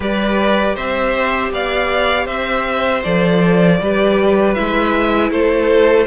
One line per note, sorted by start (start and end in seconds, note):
0.00 0.76 G3
0.00 3.02 G4
0.00 0.75 B4
0.00 0.75 D5
0.75 1.51 C4
0.75 1.51 C5
0.75 1.51 E5
1.51 2.27 B3
1.51 2.25 D5
1.51 2.26 F5
2.25 3.03 C4
2.25 3.77 C5
2.25 3.02 E5
3.03 3.80 F3
3.03 3.80 A4
3.03 4.54 D5
3.80 4.56 G3
3.80 4.56 G4
3.80 5.30 B4
4.54 5.30 G#3
4.54 6.06 E4
4.54 5.30 E5
5.30 6.06 A3
5.30 6.06 A4
5.30 6.06 C5